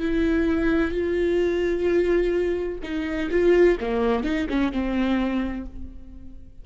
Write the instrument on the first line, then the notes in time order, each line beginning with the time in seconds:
viola
0.00 E4
0.91 F4
2.83 D#4
3.31 F4
3.80 A#3
4.24 D#4
4.49 C#4
4.72 C4